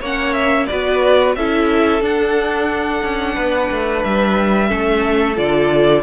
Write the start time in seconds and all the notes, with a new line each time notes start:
0.00 A#3 C#4 C#5 F#5
0.33 E5
0.66 B3 F#4 B4 D5
1.35 C#4 E4 A4 E5
2.01 D4 F#5
3.03 C#4
3.35 B3 B4
3.71 A3
4.03 G3 E5
4.68 A3 C#4 A4
5.36 D3 F4 D5